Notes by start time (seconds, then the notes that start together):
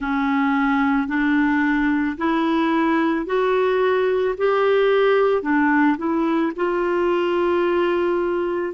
0.00 C#4
1.07 D4
2.17 E4
3.26 F#4
4.37 G4
5.42 D4
5.97 E4
6.56 F4